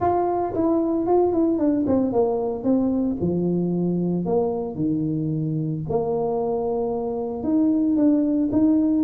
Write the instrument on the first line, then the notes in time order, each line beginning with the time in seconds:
tuba
0.00 F4
0.54 E4
1.06 F4
1.33 E4
1.58 D4
1.86 C4
2.12 A#3
2.63 C4
3.21 F3
4.25 A#3
4.75 D#3
5.89 A#3
7.43 D#4
7.96 D4
8.51 D#4